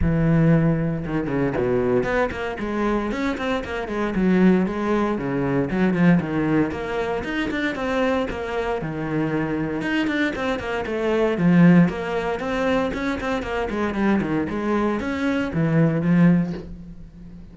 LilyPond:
\new Staff \with { instrumentName = "cello" } { \time 4/4 \tempo 4 = 116 e2 dis8 cis8 b,4 | b8 ais8 gis4 cis'8 c'8 ais8 gis8 | fis4 gis4 cis4 fis8 f8 | dis4 ais4 dis'8 d'8 c'4 |
ais4 dis2 dis'8 d'8 | c'8 ais8 a4 f4 ais4 | c'4 cis'8 c'8 ais8 gis8 g8 dis8 | gis4 cis'4 e4 f4 | }